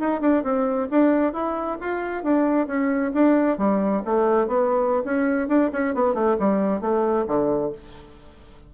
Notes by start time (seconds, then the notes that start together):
0.00 D#4
0.22 D4
0.44 C4
0.91 D4
1.34 E4
1.81 F4
2.24 D4
2.67 C#4
3.14 D4
3.58 G3
4.05 A3
4.48 B3
5.05 C#4
5.49 D4
5.73 C#4
5.95 B3
6.15 A3
6.40 G3
6.81 A3
7.28 D3